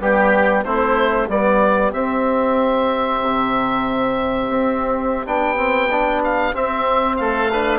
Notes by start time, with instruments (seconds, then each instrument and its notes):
0.00 bassoon G3, trombone B3, oboe G4
0.63 bassoon A3, trombone C4, oboe E4 C5
1.28 bassoon G3, trombone B3, oboe G4 D5
1.92 bassoon C4, trombone C4, oboe E5
3.21 bassoon C3
4.49 bassoon C4
5.26 bassoon B3, trombone D4, oboe G5
5.57 trombone C4
5.91 trombone D4
6.24 oboe F5
6.53 trombone C4, bassoon C4, oboe E5
7.16 bassoon A3, oboe A4 F5
7.52 trombone D4, oboe B4